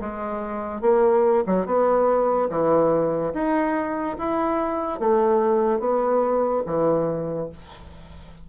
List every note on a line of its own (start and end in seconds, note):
0.00 0.81 G#3
0.81 1.44 A#3
1.46 1.66 F#3
1.66 2.49 B3
2.50 3.33 E3
3.33 4.17 D#4
4.18 4.99 E4
4.99 5.79 A3
5.79 6.62 B3
6.66 7.49 E3